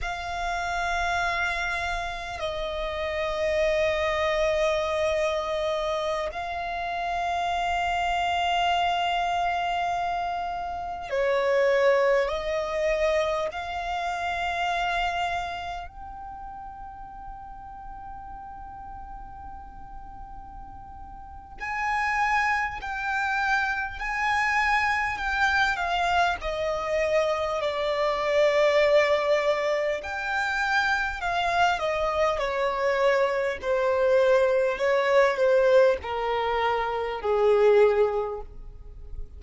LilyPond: \new Staff \with { instrumentName = "violin" } { \time 4/4 \tempo 4 = 50 f''2 dis''2~ | dis''4~ dis''16 f''2~ f''8.~ | f''4~ f''16 cis''4 dis''4 f''8.~ | f''4~ f''16 g''2~ g''8.~ |
g''2 gis''4 g''4 | gis''4 g''8 f''8 dis''4 d''4~ | d''4 g''4 f''8 dis''8 cis''4 | c''4 cis''8 c''8 ais'4 gis'4 | }